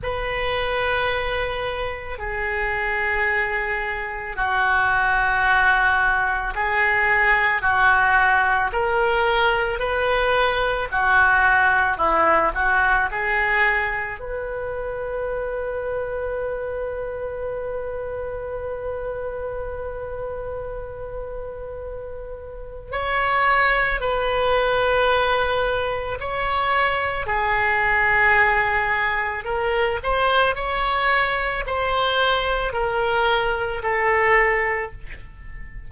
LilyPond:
\new Staff \with { instrumentName = "oboe" } { \time 4/4 \tempo 4 = 55 b'2 gis'2 | fis'2 gis'4 fis'4 | ais'4 b'4 fis'4 e'8 fis'8 | gis'4 b'2.~ |
b'1~ | b'4 cis''4 b'2 | cis''4 gis'2 ais'8 c''8 | cis''4 c''4 ais'4 a'4 | }